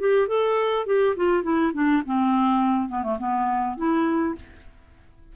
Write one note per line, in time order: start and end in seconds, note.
0.00 0.28 G4
0.28 0.86 A4
0.86 1.15 G4
1.16 1.43 F4
1.43 1.72 E4
1.74 2.03 D4
2.06 2.89 C4
2.89 3.03 B3
3.03 3.18 A3
3.19 3.77 B3
3.77 4.35 E4